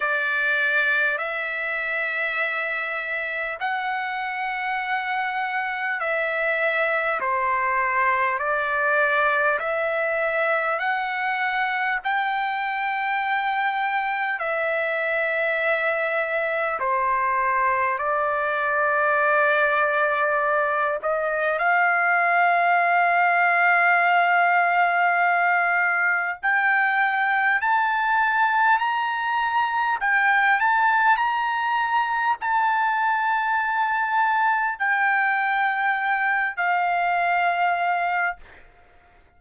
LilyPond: \new Staff \with { instrumentName = "trumpet" } { \time 4/4 \tempo 4 = 50 d''4 e''2 fis''4~ | fis''4 e''4 c''4 d''4 | e''4 fis''4 g''2 | e''2 c''4 d''4~ |
d''4. dis''8 f''2~ | f''2 g''4 a''4 | ais''4 g''8 a''8 ais''4 a''4~ | a''4 g''4. f''4. | }